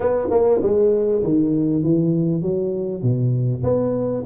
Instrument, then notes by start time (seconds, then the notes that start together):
tuba
0.00 B3
0.30 A#3
0.62 G#3
1.23 D#3
1.83 E3
2.42 F#3
3.02 B2
3.63 B3